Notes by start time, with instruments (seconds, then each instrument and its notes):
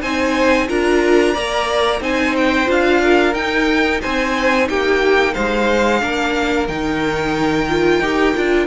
0.00 cello C4, viola D#4, violin C5 G#5
0.68 cello D4, viola F4, violin A#4 A#5
1.33 cello A#3, viola A#4, violin D5
2.00 cello C4, viola D#4, violin C5 G#5
2.36 violin G5
2.66 cello D4, viola F4, violin F5
3.02 violin A#4
3.33 cello D#4, viola D#4, violin G5
4.01 cello C4, violin C5 G#5
4.69 cello A#3, violin G4 G5
5.33 cello G#3, violin C5 F5
6.00 cello A#3, viola D4, violin A#4
6.67 cello D#3, viola D#4, violin G5
7.69 viola F4
7.99 cello D#4, viola G4
8.35 cello D4, viola F4